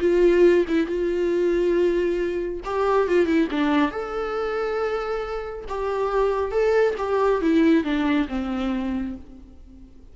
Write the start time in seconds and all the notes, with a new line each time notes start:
0.00 F4
0.68 E4
0.86 F4
2.64 G4
3.08 F4
3.26 E4
3.51 D4
3.91 A4
5.68 G4
6.51 A4
6.98 G4
7.42 E4
7.84 D4
8.28 C4